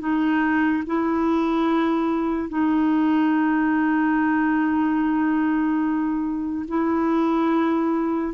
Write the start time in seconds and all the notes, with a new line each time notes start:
0.00 D#4
0.87 E4
2.49 D#4
6.69 E4